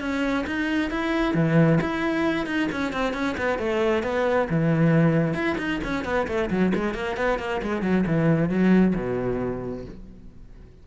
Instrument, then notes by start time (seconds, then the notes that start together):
cello
0.00 C#4
0.46 D#4
0.90 E4
1.34 E3
1.81 E4
2.46 D#4
2.71 C#4
2.92 C4
3.13 C#4
3.37 B3
3.58 A3
4.03 B3
4.49 E3
5.34 E4
5.58 D#4
5.84 C#4
6.04 B3
6.27 A3
6.50 F#3
6.74 G#3
6.94 A#3
7.16 B3
7.39 A#3
7.62 G#3
7.82 F#3
8.06 E3
8.49 F#3
8.95 B2